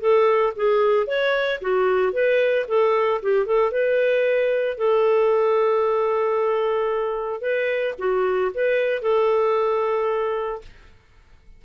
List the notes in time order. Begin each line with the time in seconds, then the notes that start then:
0.00 A4
0.56 G#4
1.07 C#5
1.61 F#4
2.13 B4
2.68 A4
3.22 G4
3.46 A4
3.71 B4
4.78 A4
7.41 B4
7.98 F#4
8.54 B4
9.02 A4